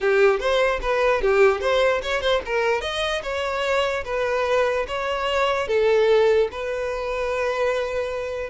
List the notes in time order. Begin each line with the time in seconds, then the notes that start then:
0.00 G4
0.39 C5
0.81 B4
1.21 G4
1.61 C5
2.02 C#5
2.21 C5
2.45 A#4
2.81 D#5
3.22 C#5
4.04 B4
4.87 C#5
5.67 A4
6.51 B4